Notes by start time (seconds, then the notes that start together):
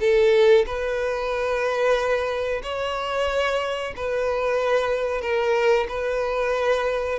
0.00 A4
0.66 B4
2.63 C#5
3.96 B4
5.21 A#4
5.88 B4